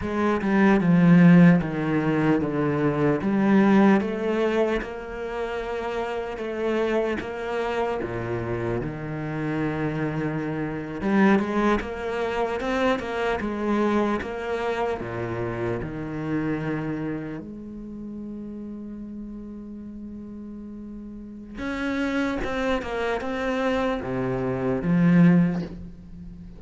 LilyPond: \new Staff \with { instrumentName = "cello" } { \time 4/4 \tempo 4 = 75 gis8 g8 f4 dis4 d4 | g4 a4 ais2 | a4 ais4 ais,4 dis4~ | dis4.~ dis16 g8 gis8 ais4 c'16~ |
c'16 ais8 gis4 ais4 ais,4 dis16~ | dis4.~ dis16 gis2~ gis16~ | gis2. cis'4 | c'8 ais8 c'4 c4 f4 | }